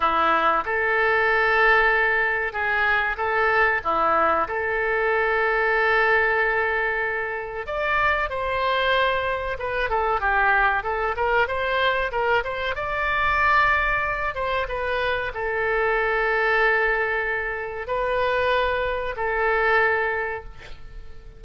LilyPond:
\new Staff \with { instrumentName = "oboe" } { \time 4/4 \tempo 4 = 94 e'4 a'2. | gis'4 a'4 e'4 a'4~ | a'1 | d''4 c''2 b'8 a'8 |
g'4 a'8 ais'8 c''4 ais'8 c''8 | d''2~ d''8 c''8 b'4 | a'1 | b'2 a'2 | }